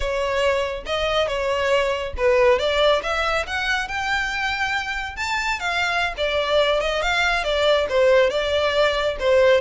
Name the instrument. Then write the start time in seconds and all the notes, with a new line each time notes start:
violin
0.00 C#5
0.86 D#5
1.27 C#5
2.17 B4
2.58 D5
3.02 E5
3.46 F#5
3.88 G5
5.16 A5
5.59 F5
6.17 D5
6.80 D#5
7.02 F5
7.43 D5
7.89 C5
8.30 D5
9.19 C5